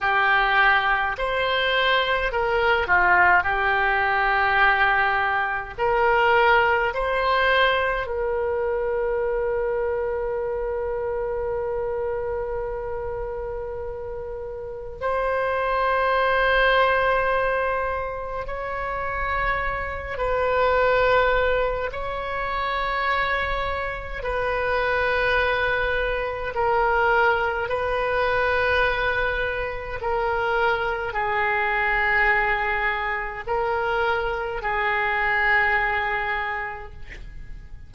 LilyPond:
\new Staff \with { instrumentName = "oboe" } { \time 4/4 \tempo 4 = 52 g'4 c''4 ais'8 f'8 g'4~ | g'4 ais'4 c''4 ais'4~ | ais'1~ | ais'4 c''2. |
cis''4. b'4. cis''4~ | cis''4 b'2 ais'4 | b'2 ais'4 gis'4~ | gis'4 ais'4 gis'2 | }